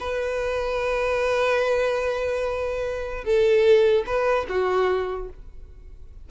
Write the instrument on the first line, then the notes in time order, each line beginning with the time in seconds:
violin
0.00 B4
3.25 A4
4.06 B4
4.49 F#4